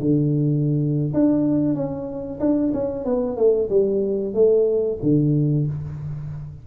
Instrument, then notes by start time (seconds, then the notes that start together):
tuba
0.00 D3
1.13 D4
1.75 C#4
2.40 D4
2.74 C#4
3.05 B3
3.37 A3
3.70 G3
4.34 A3
5.02 D3